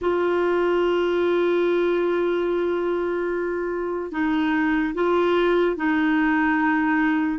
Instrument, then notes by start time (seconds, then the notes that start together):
clarinet
0.01 F4
4.11 D#4
4.94 F4
5.76 D#4